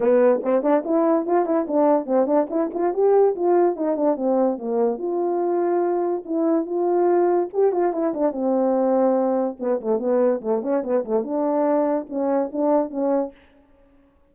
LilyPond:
\new Staff \with { instrumentName = "horn" } { \time 4/4 \tempo 4 = 144 b4 c'8 d'8 e'4 f'8 e'8 | d'4 c'8 d'8 e'8 f'8 g'4 | f'4 dis'8 d'8 c'4 ais4 | f'2. e'4 |
f'2 g'8 f'8 e'8 d'8 | c'2. b8 a8 | b4 a8 cis'8 b8 a8 d'4~ | d'4 cis'4 d'4 cis'4 | }